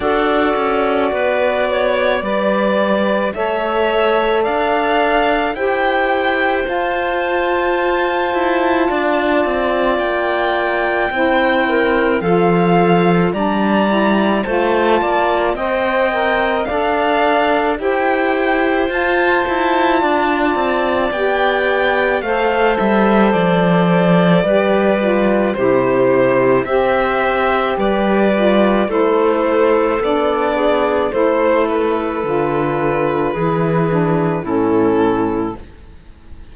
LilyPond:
<<
  \new Staff \with { instrumentName = "violin" } { \time 4/4 \tempo 4 = 54 d''2. e''4 | f''4 g''4 a''2~ | a''4 g''2 f''4 | ais''4 a''4 g''4 f''4 |
g''4 a''2 g''4 | f''8 e''8 d''2 c''4 | e''4 d''4 c''4 d''4 | c''8 b'2~ b'8 a'4 | }
  \new Staff \with { instrumentName = "clarinet" } { \time 4/4 a'4 b'8 cis''8 d''4 cis''4 | d''4 c''2. | d''2 c''8 ais'8 a'4 | d''4 c''8 d''8 dis''4 d''4 |
c''2 d''2 | c''2 b'4 g'4 | c''4 b'4 a'4. gis'8 | a'2 gis'4 e'4 | }
  \new Staff \with { instrumentName = "saxophone" } { \time 4/4 fis'2 b'4 a'4~ | a'4 g'4 f'2~ | f'2 e'4 f'4 | d'8 e'8 f'4 c''8 ais'8 a'4 |
g'4 f'2 g'4 | a'2 g'8 f'8 e'4 | g'4. f'8 e'4 d'4 | e'4 f'4 e'8 d'8 cis'4 | }
  \new Staff \with { instrumentName = "cello" } { \time 4/4 d'8 cis'8 b4 g4 a4 | d'4 e'4 f'4. e'8 | d'8 c'8 ais4 c'4 f4 | g4 a8 ais8 c'4 d'4 |
e'4 f'8 e'8 d'8 c'8 b4 | a8 g8 f4 g4 c4 | c'4 g4 a4 b4 | a4 d4 e4 a,4 | }
>>